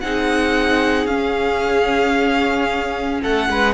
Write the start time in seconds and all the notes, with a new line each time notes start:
0.00 C4 D#4 G#4 F#5
1.06 C#4 F5
3.22 A3 A4 F#5
3.49 G#3 B4